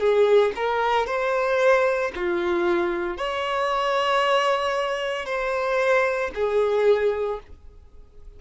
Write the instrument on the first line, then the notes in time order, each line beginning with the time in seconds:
violin
0.00 G#4
0.56 A#4
1.07 C5
2.15 F4
3.18 C#5
5.26 C5
6.35 G#4